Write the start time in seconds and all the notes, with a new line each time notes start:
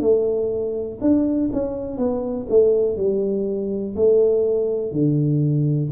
0.00 A3
1.01 D4
1.52 C#4
1.97 B3
2.49 A3
2.96 G3
3.96 A3
4.92 D3